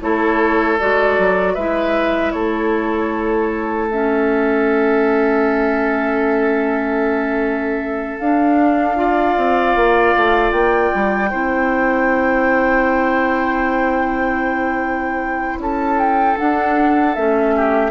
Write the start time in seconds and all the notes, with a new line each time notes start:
0.00 A3 E4 A4 C#5
0.79 G#3 F#4 D5
1.18 F#3
1.54 G#3 E4 B4 E5
2.31 A3 A4 C#5
3.90 C#4 E5
8.18 D4 F5
8.95 F4 D5
9.37 C4
9.75 A#3
10.16 A3
10.51 A#3 G5
10.94 G3
11.30 C4 E4 C5
15.57 C#4 A4 A5
15.98 G5
16.37 D4 F#5
17.14 A3 C#4 E5
17.56 G4